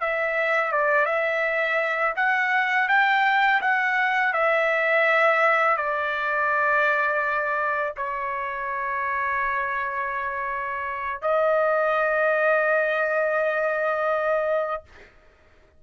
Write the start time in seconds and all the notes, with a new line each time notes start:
0.00 E5
0.72 D5
1.05 E5
2.16 F#5
2.88 G5
3.61 F#5
4.33 E5
5.76 D5
7.96 C#5
11.21 D#5